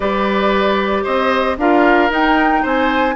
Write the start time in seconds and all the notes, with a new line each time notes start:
0.00 G3 G4 B4 D5
1.03 C4 C5 D#5
1.57 D4 F4 A#4 F5
2.09 D#4 G5
2.62 C4 C5 G#5